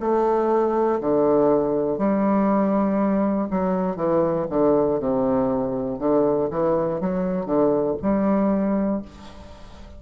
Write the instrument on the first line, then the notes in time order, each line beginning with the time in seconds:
bassoon
0.00 A3
1.00 D3
1.98 G3
3.50 F#3
3.96 E3
4.49 D3
5.00 C3
5.99 D3
6.50 E3
7.00 F#3
7.45 D3
8.02 G3